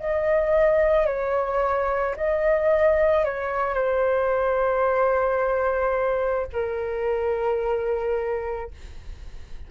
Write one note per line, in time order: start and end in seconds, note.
0.00 1.07 D#5
1.07 2.16 C#5
2.17 3.25 D#5
3.25 3.74 C#5
3.74 6.47 C5
6.53 8.71 A#4